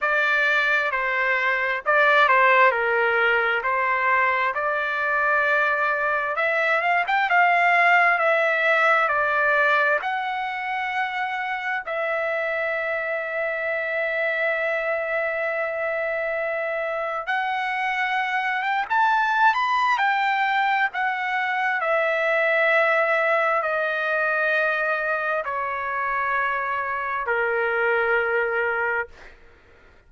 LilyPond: \new Staff \with { instrumentName = "trumpet" } { \time 4/4 \tempo 4 = 66 d''4 c''4 d''8 c''8 ais'4 | c''4 d''2 e''8 f''16 g''16 | f''4 e''4 d''4 fis''4~ | fis''4 e''2.~ |
e''2. fis''4~ | fis''8 g''16 a''8. b''8 g''4 fis''4 | e''2 dis''2 | cis''2 ais'2 | }